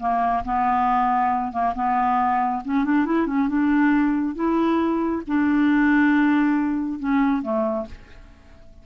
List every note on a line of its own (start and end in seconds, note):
0.00 0.44 A#3
0.45 1.52 B3
1.52 1.74 A#3
1.75 2.63 B3
2.65 2.85 C#4
2.85 3.06 D4
3.06 3.27 E4
3.27 3.48 C#4
3.48 4.35 D4
4.35 5.23 E4
5.27 7.00 D4
7.00 7.42 C#4
7.42 7.86 A3